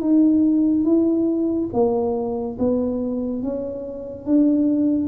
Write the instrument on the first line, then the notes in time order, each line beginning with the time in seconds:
tuba
0.00 D#4
0.84 E4
1.73 A#3
2.59 B3
3.42 C#4
4.25 D4